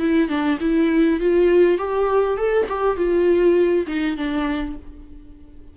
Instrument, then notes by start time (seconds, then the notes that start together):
viola
0.00 E4
0.29 D4
0.60 E4
1.20 F4
1.78 G4
2.37 A4
2.69 G4
2.97 F4
3.87 D#4
4.17 D4